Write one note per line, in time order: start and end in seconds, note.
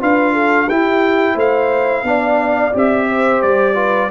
0.00 0.69 D4
0.00 0.68 F4
0.00 0.33 B4
0.00 0.69 F5
0.33 0.67 A4
0.68 1.35 E4
0.68 2.04 E4
0.68 1.35 G4
0.68 1.37 G5
1.35 2.03 A3
1.35 2.03 C5
1.35 2.76 F5
2.03 2.71 B3
2.03 2.73 D4
2.03 3.08 D5
2.73 3.43 C4
2.73 3.75 G4
2.73 3.42 E5
3.09 3.75 C5
3.42 4.11 G3
3.42 4.10 D5
3.75 4.09 F4
3.75 4.09 B4